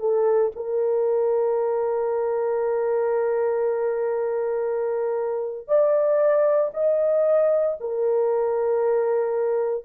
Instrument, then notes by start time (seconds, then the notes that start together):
horn
0.00 A4
0.56 A#4
5.68 D5
6.74 D#5
7.80 A#4